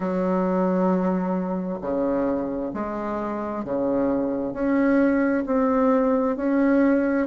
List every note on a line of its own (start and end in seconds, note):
0.00 1.79 F#3
1.81 2.72 C#3
2.73 3.64 G#3
3.64 4.52 C#3
4.52 5.43 C#4
5.45 6.36 C4
6.36 7.27 C#4